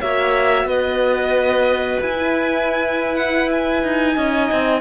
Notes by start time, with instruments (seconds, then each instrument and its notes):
0.00 cello A#3, horn F#4, clarinet C#5, violin E5
0.65 cello B3, clarinet B4, violin D#5
2.01 cello E4, violin G#5
2.17 horn E4
3.16 violin F#5
3.52 violin G#5
3.84 cello D#4
4.15 cello C#4, horn D#4, clarinet D#5
4.52 cello C4